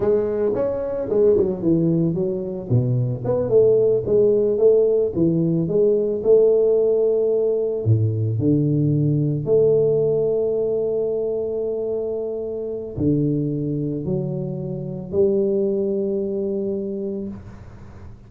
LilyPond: \new Staff \with { instrumentName = "tuba" } { \time 4/4 \tempo 4 = 111 gis4 cis'4 gis8 fis8 e4 | fis4 b,4 b8 a4 gis8~ | gis8 a4 e4 gis4 a8~ | a2~ a8 a,4 d8~ |
d4. a2~ a8~ | a1 | d2 fis2 | g1 | }